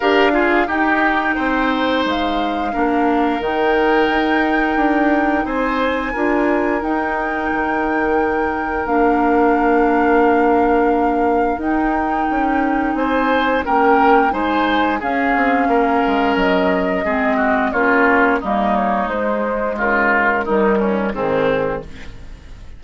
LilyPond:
<<
  \new Staff \with { instrumentName = "flute" } { \time 4/4 \tempo 4 = 88 f''4 g''2 f''4~ | f''4 g''2. | gis''2 g''2~ | g''4 f''2.~ |
f''4 g''2 gis''4 | g''4 gis''4 f''2 | dis''2 cis''4 dis''8 cis''8 | c''4 ais'2 gis'4 | }
  \new Staff \with { instrumentName = "oboe" } { \time 4/4 ais'8 gis'8 g'4 c''2 | ais'1 | c''4 ais'2.~ | ais'1~ |
ais'2. c''4 | ais'4 c''4 gis'4 ais'4~ | ais'4 gis'8 fis'8 f'4 dis'4~ | dis'4 f'4 dis'8 cis'8 c'4 | }
  \new Staff \with { instrumentName = "clarinet" } { \time 4/4 g'8 f'8 dis'2. | d'4 dis'2.~ | dis'4 f'4 dis'2~ | dis'4 d'2.~ |
d'4 dis'2. | cis'4 dis'4 cis'2~ | cis'4 c'4 cis'4 ais4 | gis2 g4 dis4 | }
  \new Staff \with { instrumentName = "bassoon" } { \time 4/4 d'4 dis'4 c'4 gis4 | ais4 dis4 dis'4 d'4 | c'4 d'4 dis'4 dis4~ | dis4 ais2.~ |
ais4 dis'4 cis'4 c'4 | ais4 gis4 cis'8 c'8 ais8 gis8 | fis4 gis4 ais4 g4 | gis4 cis4 dis4 gis,4 | }
>>